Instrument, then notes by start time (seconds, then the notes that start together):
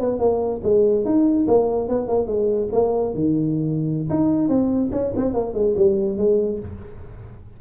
tuba
0.00 B3
0.19 A#3
0.63 G#3
1.05 D#4
1.48 A#3
1.89 B3
2.08 A#3
2.27 G#3
2.72 A#3
3.14 D#3
4.10 D#4
4.49 C4
4.92 C#4
5.16 C4
5.34 A#3
5.54 G#3
5.77 G3
6.17 G#3